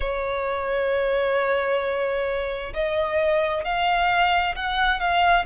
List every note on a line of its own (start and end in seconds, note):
0.00 2.73 C#5
2.73 3.64 D#5
3.64 4.55 F5
4.55 5.00 F#5
5.00 5.45 F5